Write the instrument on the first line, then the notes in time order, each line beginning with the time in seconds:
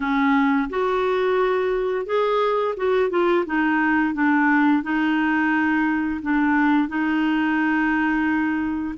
clarinet
0.00 C#4
0.69 F#4
2.06 G#4
2.76 F#4
3.10 F4
3.45 D#4
4.13 D4
4.82 D#4
6.22 D4
6.88 D#4